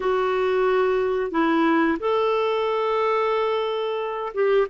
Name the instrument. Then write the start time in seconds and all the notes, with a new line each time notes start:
clarinet
0.00 F#4
1.31 E4
1.99 A4
4.33 G4